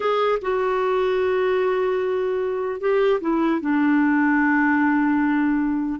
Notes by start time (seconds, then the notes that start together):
0.00 G#4
0.41 F#4
2.80 G4
3.20 E4
3.60 D4